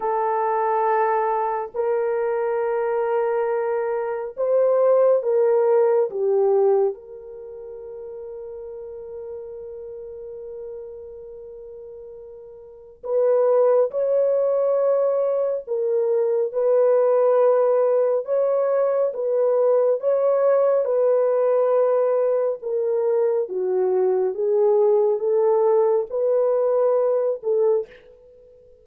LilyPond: \new Staff \with { instrumentName = "horn" } { \time 4/4 \tempo 4 = 69 a'2 ais'2~ | ais'4 c''4 ais'4 g'4 | ais'1~ | ais'2. b'4 |
cis''2 ais'4 b'4~ | b'4 cis''4 b'4 cis''4 | b'2 ais'4 fis'4 | gis'4 a'4 b'4. a'8 | }